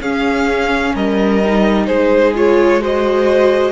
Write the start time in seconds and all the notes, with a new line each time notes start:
0.00 C#4 G#4 F5
0.94 G3 A#4 D#5
1.45 D#4
1.86 G#3 G#4 C5
2.35 F4 C#5
2.81 F#4 C5 D#5